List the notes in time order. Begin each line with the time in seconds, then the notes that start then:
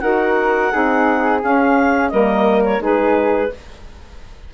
0.00 D#4 F#4 A#4 F#5
0.72 C4 D#4 G#4
1.42 C#4 F5
2.10 G3 A#3 A#4 D#5
2.65 C#5
2.79 G#3 D#4 G#4 B4